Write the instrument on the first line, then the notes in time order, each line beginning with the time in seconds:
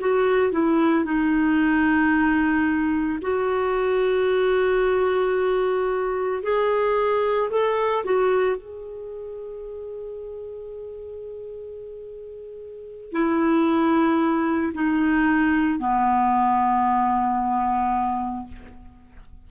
clarinet
0.00 F#4
0.52 E4
1.05 D#4
3.21 F#4
6.43 G#4
7.50 A4
8.05 F#4
8.56 G#4
13.12 E4
14.74 D#4
15.79 B3